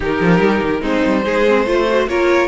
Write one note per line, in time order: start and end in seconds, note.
0.00 0.20 D#3
0.00 0.81 D#4
0.00 0.81 G4
0.00 0.83 A#4
0.20 0.39 F3
0.39 0.60 G3
0.62 0.80 D#3
0.80 1.01 G#3
0.80 1.23 C4
0.80 1.23 D#4
0.80 2.08 C5
1.05 1.26 G3
1.24 1.66 G#3
1.24 1.45 D#4
1.24 1.66 G#4
1.47 1.66 C4
1.66 2.07 A3
1.66 1.86 F4
1.66 2.08 C5
1.88 2.08 F#4
2.07 2.48 A#3
2.07 2.48 F4
2.07 2.48 A#4
2.07 2.48 C#5